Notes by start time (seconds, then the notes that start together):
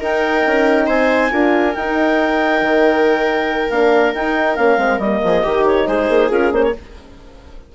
0.00 D#4 A#4 G5
0.46 C#4
0.87 C4 C5 G#5
1.30 D4 F4 A#4
1.74 D#4 G5
2.61 D#3
3.70 A#3 D4 F5
4.13 D#4 G5
4.55 A#3 C#4 F5
4.77 G#3 C4
4.98 G3 D#5
5.04 A#3
5.23 F3 G#4
5.43 D#3 D#4 G4
5.65 C#5
5.87 G#3 G#4 C5
6.09 A#3
6.30 C#4 F4 A#4
6.52 A#3 C#4 C5
6.63 C#5